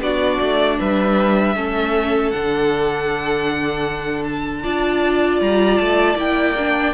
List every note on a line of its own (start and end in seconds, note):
0.00 0.38 B3
0.00 1.56 D4
0.00 0.79 F#4
0.00 0.79 D5
0.40 0.79 A3
0.79 1.56 G3
0.79 1.56 B4
0.79 2.31 E5
1.56 2.33 A3
1.56 2.33 C#4
1.56 4.63 A4
2.31 4.64 D3
2.31 4.63 D4
2.31 4.23 F#5
4.24 5.40 A5
4.63 5.41 D4
4.63 6.17 F4
4.63 6.93 D5
5.41 5.80 G3
5.41 5.77 A#5
5.77 6.16 A3
5.77 6.16 A5
6.16 6.92 A#3
6.16 6.55 E4
6.16 6.93 G5
6.58 6.93 D4